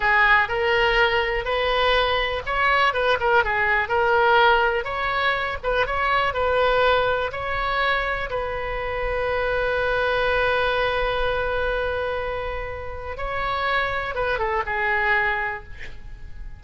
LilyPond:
\new Staff \with { instrumentName = "oboe" } { \time 4/4 \tempo 4 = 123 gis'4 ais'2 b'4~ | b'4 cis''4 b'8 ais'8 gis'4 | ais'2 cis''4. b'8 | cis''4 b'2 cis''4~ |
cis''4 b'2.~ | b'1~ | b'2. cis''4~ | cis''4 b'8 a'8 gis'2 | }